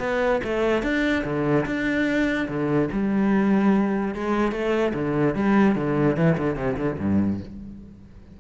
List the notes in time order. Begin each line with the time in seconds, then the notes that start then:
0.00 B3
0.44 A3
0.83 D4
1.24 D3
1.66 D4
2.48 D3
2.92 G3
4.15 G#3
4.52 A3
4.94 D3
5.35 G3
5.76 D3
6.17 E3
6.38 D3
6.56 C3
6.77 D3
6.99 G2